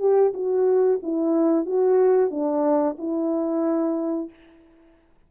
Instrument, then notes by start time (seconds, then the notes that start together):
horn
0.00 G4
0.34 F#4
1.03 E4
1.66 F#4
2.31 D4
2.99 E4